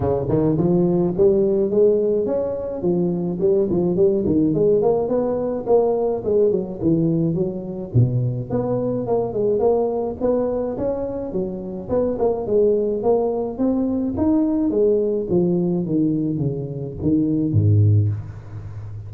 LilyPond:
\new Staff \with { instrumentName = "tuba" } { \time 4/4 \tempo 4 = 106 cis8 dis8 f4 g4 gis4 | cis'4 f4 g8 f8 g8 dis8 | gis8 ais8 b4 ais4 gis8 fis8 | e4 fis4 b,4 b4 |
ais8 gis8 ais4 b4 cis'4 | fis4 b8 ais8 gis4 ais4 | c'4 dis'4 gis4 f4 | dis4 cis4 dis4 gis,4 | }